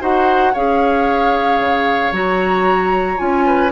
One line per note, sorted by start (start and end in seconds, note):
0.00 0.55 D#4
0.00 0.53 F#4
0.00 0.53 C5
0.00 0.55 F#5
0.53 1.60 C#4
0.53 2.13 G#4
0.53 3.45 C#5
0.53 2.14 F5
1.60 2.12 C#3
2.12 3.18 F#3
2.12 3.17 F#4
2.12 3.18 A#5
3.17 3.72 C#4
3.17 3.70 F4
3.17 3.71 G#5
3.46 3.72 B4